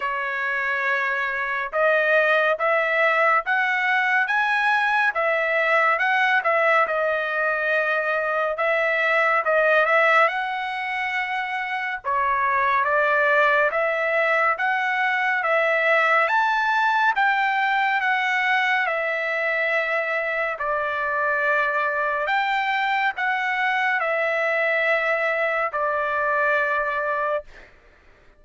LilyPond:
\new Staff \with { instrumentName = "trumpet" } { \time 4/4 \tempo 4 = 70 cis''2 dis''4 e''4 | fis''4 gis''4 e''4 fis''8 e''8 | dis''2 e''4 dis''8 e''8 | fis''2 cis''4 d''4 |
e''4 fis''4 e''4 a''4 | g''4 fis''4 e''2 | d''2 g''4 fis''4 | e''2 d''2 | }